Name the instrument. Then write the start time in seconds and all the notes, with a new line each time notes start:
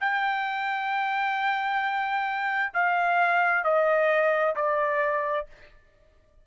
trumpet
0.00 G5
2.74 F5
3.64 D#5
4.55 D5